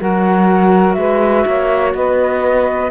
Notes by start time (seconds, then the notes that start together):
0.00 F#3 F#4 A#4 F#5
0.94 G#3 B4 E5
1.47 A#3 C#5
1.95 B3 B4 D#5